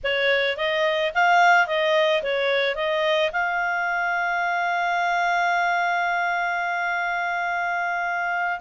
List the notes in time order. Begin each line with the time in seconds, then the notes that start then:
0.03 C#5
0.57 D#5
1.14 F5
1.67 D#5
2.22 C#5
2.75 D#5
3.32 F5